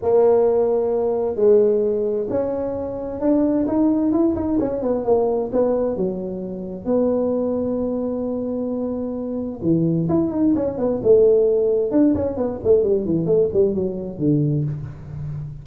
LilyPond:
\new Staff \with { instrumentName = "tuba" } { \time 4/4 \tempo 4 = 131 ais2. gis4~ | gis4 cis'2 d'4 | dis'4 e'8 dis'8 cis'8 b8 ais4 | b4 fis2 b4~ |
b1~ | b4 e4 e'8 dis'8 cis'8 b8 | a2 d'8 cis'8 b8 a8 | g8 e8 a8 g8 fis4 d4 | }